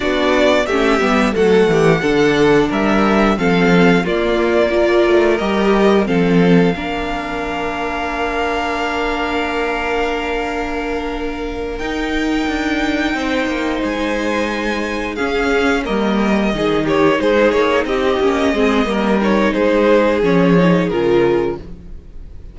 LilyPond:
<<
  \new Staff \with { instrumentName = "violin" } { \time 4/4 \tempo 4 = 89 d''4 e''4 fis''2 | e''4 f''4 d''2 | dis''4 f''2.~ | f''1~ |
f''4. g''2~ g''8~ | g''8 gis''2 f''4 dis''8~ | dis''4 cis''8 c''8 cis''8 dis''4.~ | dis''8 cis''8 c''4 cis''4 ais'4 | }
  \new Staff \with { instrumentName = "violin" } { \time 4/4 fis'4 g'4 a'8 g'8 a'4 | ais'4 a'4 f'4 ais'4~ | ais'4 a'4 ais'2~ | ais'1~ |
ais'2.~ ais'8 c''8~ | c''2~ c''8 gis'4 ais'8~ | ais'8 gis'8 g'8 gis'4 g'4 gis'8 | ais'4 gis'2. | }
  \new Staff \with { instrumentName = "viola" } { \time 4/4 d'4 cis'8 b8 a4 d'4~ | d'4 c'4 ais4 f'4 | g'4 c'4 d'2~ | d'1~ |
d'4. dis'2~ dis'8~ | dis'2~ dis'8 cis'4 ais8~ | ais8 dis'2~ dis'8 cis'8 c'8 | ais8 dis'4. cis'8 dis'8 f'4 | }
  \new Staff \with { instrumentName = "cello" } { \time 4/4 b4 a8 g8 fis8 e8 d4 | g4 f4 ais4. a8 | g4 f4 ais2~ | ais1~ |
ais4. dis'4 d'4 c'8 | ais8 gis2 cis'4 g8~ | g8 dis4 gis8 ais8 c'8 ais8 gis8 | g4 gis4 f4 cis4 | }
>>